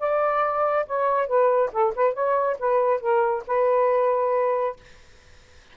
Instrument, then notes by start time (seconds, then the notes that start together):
saxophone
0.00 D5
0.87 C#5
1.28 B4
1.73 A4
1.96 B4
2.14 C#5
2.60 B4
3.01 A#4
3.47 B4